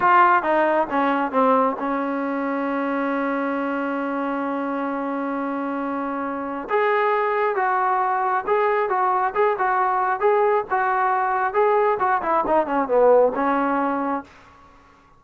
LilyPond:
\new Staff \with { instrumentName = "trombone" } { \time 4/4 \tempo 4 = 135 f'4 dis'4 cis'4 c'4 | cis'1~ | cis'1~ | cis'2. gis'4~ |
gis'4 fis'2 gis'4 | fis'4 gis'8 fis'4. gis'4 | fis'2 gis'4 fis'8 e'8 | dis'8 cis'8 b4 cis'2 | }